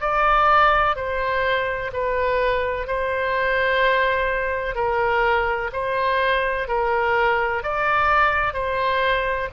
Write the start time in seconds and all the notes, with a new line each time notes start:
0.00 D5
0.95 C5
1.92 B4
2.87 C5
4.75 A#4
5.72 C5
6.67 A#4
7.63 D5
8.53 C5